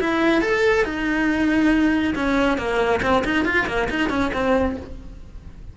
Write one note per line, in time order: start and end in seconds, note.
0.00 0.41 E4
0.41 0.84 A4
0.84 2.14 D#4
2.15 2.57 C#4
2.57 3.01 A#3
3.02 3.24 C4
3.25 3.45 D#4
3.45 3.67 F4
3.67 3.88 A#3
3.89 4.10 D#4
4.10 4.31 C#4
4.33 4.76 C4